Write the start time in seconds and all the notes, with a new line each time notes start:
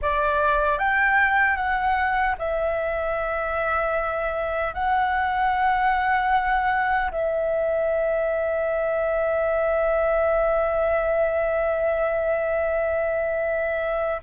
0.01 D5
0.78 G5
1.56 F#5
2.38 E5
4.74 F#5
7.11 E5